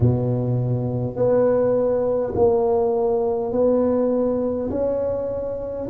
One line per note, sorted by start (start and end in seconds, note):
0.00 1.16 B2
1.16 2.33 B3
2.35 3.52 A#3
3.52 4.70 B3
4.70 5.88 C#4